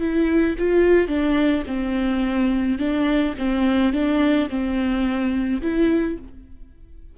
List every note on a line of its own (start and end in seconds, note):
0.00 0.56 E4
0.59 1.08 F4
1.08 1.64 D4
1.67 2.78 C4
2.78 3.34 D4
3.38 3.93 C4
3.93 4.49 D4
4.49 5.61 C4
5.62 6.18 E4